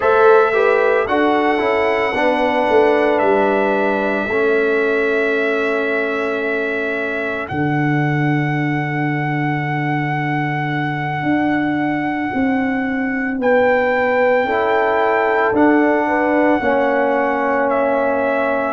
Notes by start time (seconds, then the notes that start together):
0.00 A3 A4 C5 E5
0.53 G4 B4
1.07 D4 F#4 A4 F#5
1.58 C#4 E4
2.13 B3 D4 B4
2.69 A3
3.18 G3 E5
4.27 A3 C#4 A4
7.48 D3 D4 F#5
11.23 D4
12.33 C4
13.38 B3 B4 G5
14.44 C#4 E4 A4
15.51 D4 F#5
16.07 B4
16.60 A#3 C#4 C#5
17.69 E5